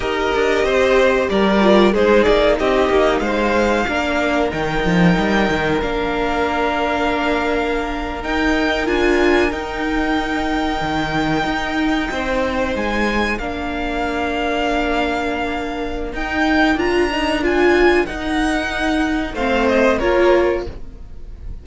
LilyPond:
<<
  \new Staff \with { instrumentName = "violin" } { \time 4/4 \tempo 4 = 93 dis''2 d''4 c''8 d''8 | dis''4 f''2 g''4~ | g''4 f''2.~ | f''8. g''4 gis''4 g''4~ g''16~ |
g''2.~ g''8. gis''16~ | gis''8. f''2.~ f''16~ | f''4 g''4 ais''4 gis''4 | fis''2 f''8 dis''8 cis''4 | }
  \new Staff \with { instrumentName = "violin" } { \time 4/4 ais'4 c''4 ais'4 gis'4 | g'4 c''4 ais'2~ | ais'1~ | ais'1~ |
ais'2~ ais'8. c''4~ c''16~ | c''8. ais'2.~ ais'16~ | ais'1~ | ais'2 c''4 ais'4 | }
  \new Staff \with { instrumentName = "viola" } { \time 4/4 g'2~ g'8 f'8 dis'4~ | dis'2 d'4 dis'4~ | dis'4 d'2.~ | d'8. dis'4 f'4 dis'4~ dis'16~ |
dis'1~ | dis'8. d'2.~ d'16~ | d'4 dis'4 f'8 dis'8 f'4 | dis'2 c'4 f'4 | }
  \new Staff \with { instrumentName = "cello" } { \time 4/4 dis'8 d'8 c'4 g4 gis8 ais8 | c'8 ais8 gis4 ais4 dis8 f8 | g8 dis8 ais2.~ | ais8. dis'4 d'4 dis'4~ dis'16~ |
dis'8. dis4 dis'4 c'4 gis16~ | gis8. ais2.~ ais16~ | ais4 dis'4 d'2 | dis'2 a4 ais4 | }
>>